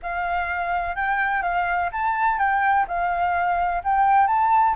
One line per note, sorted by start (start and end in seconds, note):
0.02 0.95 F5
0.95 1.42 G5
1.42 1.90 F5
1.92 2.38 A5
2.38 2.85 G5
2.87 3.82 F5
3.83 4.27 G5
4.27 4.75 A5